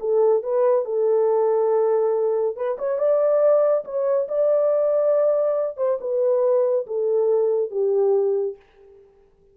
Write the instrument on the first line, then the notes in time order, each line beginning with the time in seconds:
horn
0.00 A4
0.43 B4
0.85 A4
2.56 B4
2.78 C#5
2.99 D5
3.85 C#5
4.28 D5
5.77 C5
6.01 B4
6.87 A4
7.71 G4